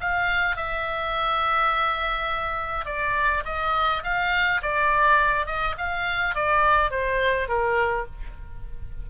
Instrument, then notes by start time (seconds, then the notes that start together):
oboe
0.00 F5
0.56 E5
2.85 D5
3.45 D#5
4.03 F5
4.62 D5
5.46 D#5
5.78 F5
6.34 D5
6.90 C5
7.48 A#4